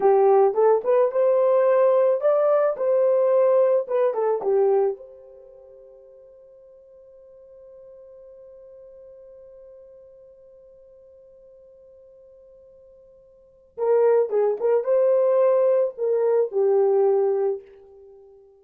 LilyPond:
\new Staff \with { instrumentName = "horn" } { \time 4/4 \tempo 4 = 109 g'4 a'8 b'8 c''2 | d''4 c''2 b'8 a'8 | g'4 c''2.~ | c''1~ |
c''1~ | c''1~ | c''4 ais'4 gis'8 ais'8 c''4~ | c''4 ais'4 g'2 | }